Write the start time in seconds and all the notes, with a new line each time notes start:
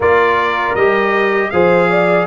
0.00 A#3 F4 A#4 D5
0.75 G3 G4 D#5
1.50 F3 G#4 C5 F5
1.89 D5